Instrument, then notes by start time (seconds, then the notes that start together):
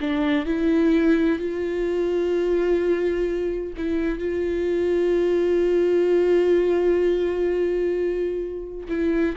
viola
0.00 D4
0.46 E4
1.39 F4
3.77 E4
4.18 F4
8.88 E4